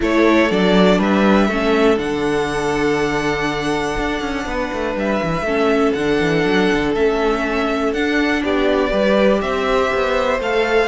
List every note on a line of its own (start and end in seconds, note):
0.00 0.50 A3
0.00 0.49 E4
0.00 0.98 A4
0.00 0.51 C#5
0.50 0.99 F#3
0.50 1.49 D4
0.50 1.00 D5
0.98 1.48 G3
0.98 1.48 B4
0.98 1.98 E5
1.48 1.98 A3
1.48 1.96 C#4
1.48 4.45 A4
1.96 3.96 D3
1.96 5.44 D4
1.96 4.95 F#5
3.98 4.20 D4
4.20 4.45 C#4
4.45 4.70 B3
4.45 5.45 B4
4.72 4.95 A3
4.95 5.20 G3
4.95 5.93 E5
5.22 5.41 E3
5.41 5.90 A3
5.41 5.96 C#4
5.41 8.42 A4
5.93 6.19 D3
5.93 6.96 D4
5.93 6.92 F#5
6.20 6.44 E3
6.44 6.69 F#3
6.73 6.94 D3
6.94 7.92 A3
6.94 7.95 C#4
6.94 7.93 E5
7.92 8.42 D4
7.92 8.90 D4
7.92 8.42 F#5
8.43 8.91 B3
8.43 8.90 G4
8.43 9.41 D5
8.90 9.41 G3
8.90 10.39 G4
8.90 9.40 B4
9.41 9.91 C4
9.41 10.87 C5
9.41 10.40 E5
9.94 10.39 B3
10.39 10.87 A3
10.39 10.87 A4
10.39 10.87 F5